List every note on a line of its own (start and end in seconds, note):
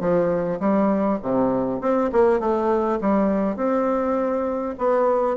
0.00 0.59 F3
0.60 1.19 G3
1.22 1.81 C3
1.81 2.11 C4
2.12 2.40 A#3
2.40 2.99 A3
3.01 3.56 G3
3.56 4.75 C4
4.78 5.37 B3